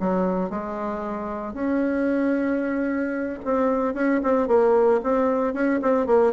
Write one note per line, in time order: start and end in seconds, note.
0.00 0.50 F#3
0.50 1.53 G#3
1.53 3.39 C#4
3.45 3.94 C4
3.94 4.21 C#4
4.23 4.48 C4
4.48 5.01 A#3
5.03 5.54 C4
5.54 5.80 C#4
5.82 6.06 C4
6.06 6.33 A#3